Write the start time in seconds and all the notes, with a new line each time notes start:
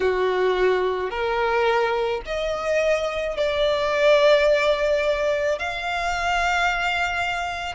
0.00 F#4
1.10 A#4
2.25 D#5
3.36 D5
5.58 F5